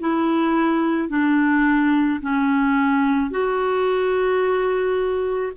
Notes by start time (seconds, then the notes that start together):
0.00 E4
1.09 D4
2.21 C#4
3.31 F#4